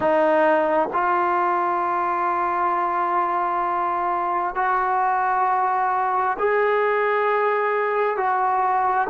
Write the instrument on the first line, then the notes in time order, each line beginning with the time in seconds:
trombone
0.00 D#4
0.93 F4
4.55 F#4
6.38 G#4
8.16 F#4